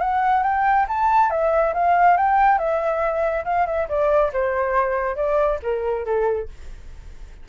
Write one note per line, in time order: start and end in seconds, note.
0.00 0.43 F#5
0.43 0.86 G5
0.88 1.30 A5
1.30 1.73 E5
1.74 2.17 F5
2.17 2.58 G5
2.58 3.44 E5
3.45 3.66 F5
3.66 3.88 E5
3.89 4.32 D5
4.33 5.16 C5
5.16 5.59 D5
5.63 6.05 A#4
6.05 6.48 A4